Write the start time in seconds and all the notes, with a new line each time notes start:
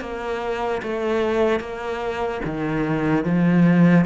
0.00 A#3
0.82 A3
1.60 A#3
2.44 D#3
3.24 F3